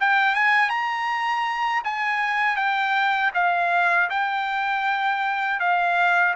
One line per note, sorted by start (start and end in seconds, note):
0.00 0.35 G5
0.35 0.70 G#5
0.70 1.82 A#5
1.84 2.56 G#5
2.56 3.31 G5
3.34 4.09 F5
4.10 5.59 G5
5.59 6.34 F5